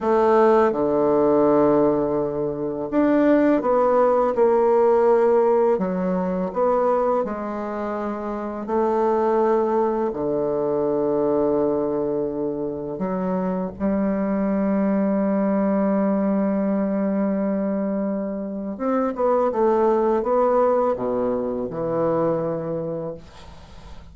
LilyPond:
\new Staff \with { instrumentName = "bassoon" } { \time 4/4 \tempo 4 = 83 a4 d2. | d'4 b4 ais2 | fis4 b4 gis2 | a2 d2~ |
d2 fis4 g4~ | g1~ | g2 c'8 b8 a4 | b4 b,4 e2 | }